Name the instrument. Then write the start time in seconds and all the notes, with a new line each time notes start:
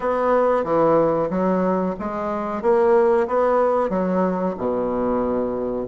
bassoon
0.00 B3
0.63 E3
1.30 F#3
1.99 G#3
2.61 A#3
3.27 B3
3.89 F#3
4.57 B2